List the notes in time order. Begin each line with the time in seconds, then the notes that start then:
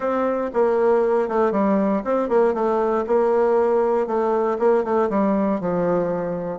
0.00 C4
0.53 A#3
1.28 A3
1.51 G3
2.04 C4
2.29 A#3
2.54 A3
3.06 A#3
4.06 A3
4.59 A#3
4.84 A3
5.09 G3
5.60 F3